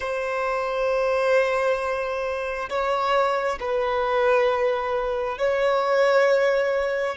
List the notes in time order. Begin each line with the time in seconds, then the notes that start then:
0.00 C5
2.69 C#5
3.59 B4
5.38 C#5